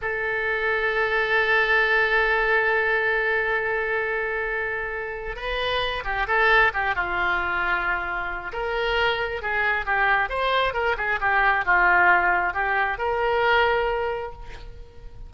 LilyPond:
\new Staff \with { instrumentName = "oboe" } { \time 4/4 \tempo 4 = 134 a'1~ | a'1~ | a'1 | b'4. g'8 a'4 g'8 f'8~ |
f'2. ais'4~ | ais'4 gis'4 g'4 c''4 | ais'8 gis'8 g'4 f'2 | g'4 ais'2. | }